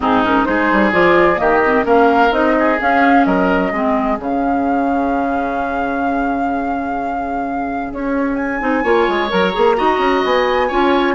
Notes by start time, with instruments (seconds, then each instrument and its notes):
0.00 bassoon G#2, clarinet C4, oboe D#4, flute G#4
0.24 clarinet C#4, flute A#4
0.45 bassoon G#3, clarinet D#4, oboe G#4, flute C5
0.71 bassoon G3
0.92 bassoon F3, clarinet F4, flute D5
1.36 bassoon D#3, clarinet A#3, oboe G4, flute D#5
1.65 clarinet C4
1.83 bassoon A#3, clarinet C#4, oboe A#4, flute F5
2.31 bassoon C4, clarinet D#4, flute D#5
2.58 oboe G#4
2.80 clarinet C#4, bassoon C#4, flute F5
3.24 bassoon F#3, oboe A#4, flute D#5
3.72 bassoon G#3, clarinet C4, oboe G#4
4.18 bassoon C#3, clarinet C#4, flute F5
7.92 bassoon C#4, flute C#5
8.35 flute G#5
8.60 bassoon C4, clarinet D#4
8.83 bassoon A#3, clarinet F4, oboe C#5
9.08 bassoon G#3
9.29 bassoon F#3, clarinet A#4, flute A#5
9.53 bassoon A#3, clarinet G#4
9.76 bassoon D#4, clarinet F#4, oboe D#5
9.98 bassoon C#4
10.24 bassoon B3, flute G#5
10.68 bassoon C#4, clarinet F4, oboe C#5